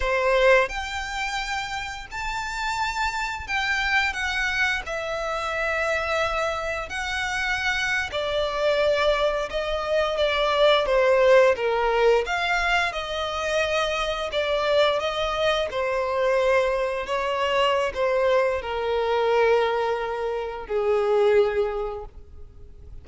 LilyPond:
\new Staff \with { instrumentName = "violin" } { \time 4/4 \tempo 4 = 87 c''4 g''2 a''4~ | a''4 g''4 fis''4 e''4~ | e''2 fis''4.~ fis''16 d''16~ | d''4.~ d''16 dis''4 d''4 c''16~ |
c''8. ais'4 f''4 dis''4~ dis''16~ | dis''8. d''4 dis''4 c''4~ c''16~ | c''8. cis''4~ cis''16 c''4 ais'4~ | ais'2 gis'2 | }